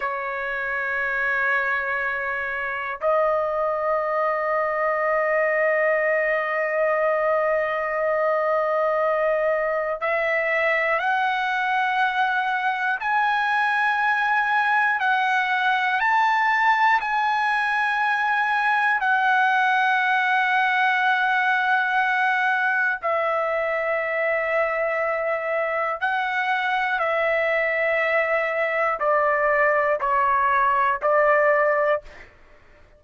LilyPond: \new Staff \with { instrumentName = "trumpet" } { \time 4/4 \tempo 4 = 60 cis''2. dis''4~ | dis''1~ | dis''2 e''4 fis''4~ | fis''4 gis''2 fis''4 |
a''4 gis''2 fis''4~ | fis''2. e''4~ | e''2 fis''4 e''4~ | e''4 d''4 cis''4 d''4 | }